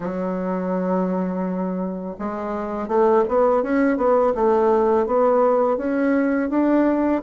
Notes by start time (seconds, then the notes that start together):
0.00 F#3
2.18 G#3
2.88 A3
3.28 B3
3.62 C#4
3.97 B3
4.34 A3
5.06 B3
5.77 C#4
6.49 D4